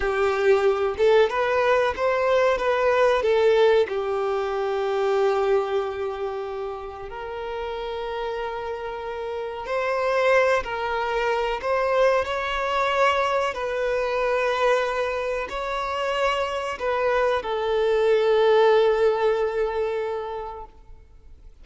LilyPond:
\new Staff \with { instrumentName = "violin" } { \time 4/4 \tempo 4 = 93 g'4. a'8 b'4 c''4 | b'4 a'4 g'2~ | g'2. ais'4~ | ais'2. c''4~ |
c''8 ais'4. c''4 cis''4~ | cis''4 b'2. | cis''2 b'4 a'4~ | a'1 | }